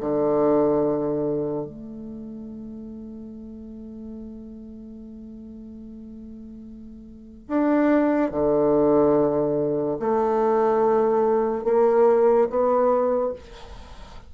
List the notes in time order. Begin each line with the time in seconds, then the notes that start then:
0.00 D3
1.65 A3
7.47 D4
8.31 D3
9.99 A3
11.64 A#3
12.49 B3